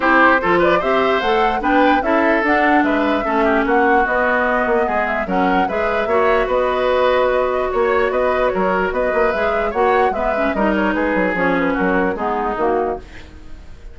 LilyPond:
<<
  \new Staff \with { instrumentName = "flute" } { \time 4/4 \tempo 4 = 148 c''4. d''8 e''4 fis''4 | g''4 e''4 fis''4 e''4~ | e''4 fis''4 dis''2~ | dis''8 e''8 fis''4 e''2 |
dis''2. cis''4 | dis''4 cis''4 dis''4 e''4 | fis''4 e''4 dis''8 cis''8 b'4 | cis''8 b'8 ais'4 gis'4 fis'4 | }
  \new Staff \with { instrumentName = "oboe" } { \time 4/4 g'4 a'8 b'8 c''2 | b'4 a'2 b'4 | a'8 g'8 fis'2. | gis'4 ais'4 b'4 cis''4 |
b'2. cis''4 | b'4 ais'4 b'2 | cis''4 b'4 ais'4 gis'4~ | gis'4 fis'4 dis'2 | }
  \new Staff \with { instrumentName = "clarinet" } { \time 4/4 e'4 f'4 g'4 a'4 | d'4 e'4 d'2 | cis'2 b2~ | b4 cis'4 gis'4 fis'4~ |
fis'1~ | fis'2. gis'4 | fis'4 b8 cis'8 dis'2 | cis'2 b4 ais4 | }
  \new Staff \with { instrumentName = "bassoon" } { \time 4/4 c'4 f4 c'4 a4 | b4 cis'4 d'4 gis4 | a4 ais4 b4. ais8 | gis4 fis4 gis4 ais4 |
b2. ais4 | b4 fis4 b8 ais8 gis4 | ais4 gis4 g4 gis8 fis8 | f4 fis4 gis4 dis4 | }
>>